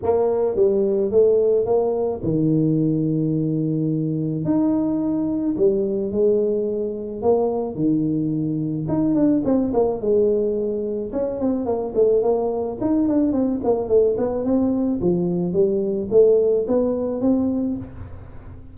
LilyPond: \new Staff \with { instrumentName = "tuba" } { \time 4/4 \tempo 4 = 108 ais4 g4 a4 ais4 | dis1 | dis'2 g4 gis4~ | gis4 ais4 dis2 |
dis'8 d'8 c'8 ais8 gis2 | cis'8 c'8 ais8 a8 ais4 dis'8 d'8 | c'8 ais8 a8 b8 c'4 f4 | g4 a4 b4 c'4 | }